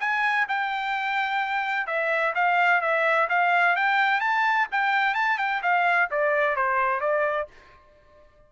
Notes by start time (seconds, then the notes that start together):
0.00 G#5
0.48 G5
1.86 E5
2.35 F5
2.81 E5
3.29 F5
3.76 G5
4.20 A5
4.72 G5
5.14 A5
5.38 G5
5.62 F5
6.11 D5
6.56 C5
7.00 D5